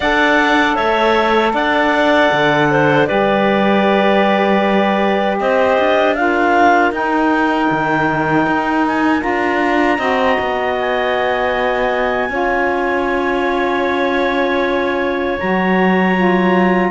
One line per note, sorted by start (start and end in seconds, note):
0.00 0.77 D4
0.00 3.07 A4
0.00 0.75 D5
0.00 0.75 F#5
0.75 1.53 A3
0.75 1.52 C#5
0.75 1.52 E5
1.53 2.30 D4
1.53 2.69 D5
1.53 3.06 F#5
2.31 3.08 D3
2.70 3.07 C5
3.06 5.40 G3
3.06 6.15 G4
3.06 5.37 B4
3.06 5.37 D5
5.39 5.78 C4
5.39 6.15 C5
5.39 6.14 D#5
5.78 6.91 D4
6.14 6.92 F4
6.14 9.97 A#4
6.14 6.91 F5
6.91 7.68 D#4
6.91 9.20 D#4
6.91 8.86 G5
7.70 8.46 D#3
8.46 9.23 D#4
8.86 9.21 G#5
9.20 9.98 D4
9.20 9.97 F4
9.20 10.75 A#5
9.97 10.37 C4
9.97 12.29 F#4
9.97 12.28 D#5
10.40 12.29 B3
10.80 15.39 G#5
12.29 15.37 C#4
12.29 15.37 F4
12.29 16.90 C#5
15.39 16.90 F#3
15.39 16.16 F#4
15.39 16.90 A#5
16.16 16.90 F4